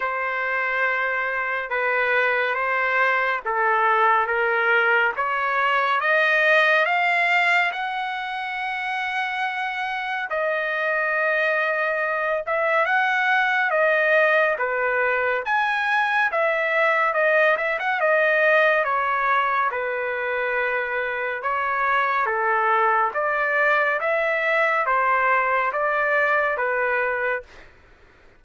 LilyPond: \new Staff \with { instrumentName = "trumpet" } { \time 4/4 \tempo 4 = 70 c''2 b'4 c''4 | a'4 ais'4 cis''4 dis''4 | f''4 fis''2. | dis''2~ dis''8 e''8 fis''4 |
dis''4 b'4 gis''4 e''4 | dis''8 e''16 fis''16 dis''4 cis''4 b'4~ | b'4 cis''4 a'4 d''4 | e''4 c''4 d''4 b'4 | }